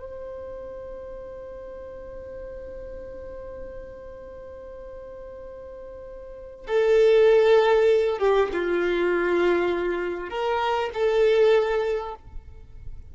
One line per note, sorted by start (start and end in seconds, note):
0.00 6.67 C5
6.67 8.19 A4
8.19 8.49 G4
8.53 10.30 F4
10.30 10.90 A#4
10.94 12.15 A4